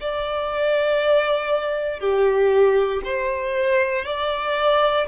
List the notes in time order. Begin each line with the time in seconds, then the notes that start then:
0.00 D5
2.00 G4
3.04 C5
4.05 D5